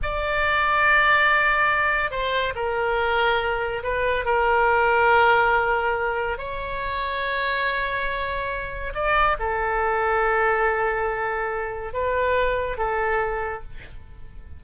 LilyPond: \new Staff \with { instrumentName = "oboe" } { \time 4/4 \tempo 4 = 141 d''1~ | d''4 c''4 ais'2~ | ais'4 b'4 ais'2~ | ais'2. cis''4~ |
cis''1~ | cis''4 d''4 a'2~ | a'1 | b'2 a'2 | }